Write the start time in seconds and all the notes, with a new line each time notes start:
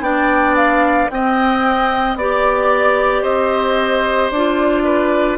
0.00 B3 D4 D5 G5
0.56 F5
1.11 C4 D#5 G5
2.16 B3 G4 D5
3.22 C4 C5 D#5
4.31 D4 F4 D5
4.84 B4